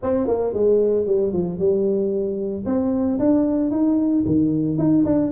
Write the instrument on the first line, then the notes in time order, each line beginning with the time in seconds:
tuba
0.02 C4
0.27 A#3
0.53 G#3
1.06 G3
1.33 F3
1.58 G3
2.65 C4
3.19 D4
3.70 D#4
4.26 D#3
4.78 D#4
5.05 D4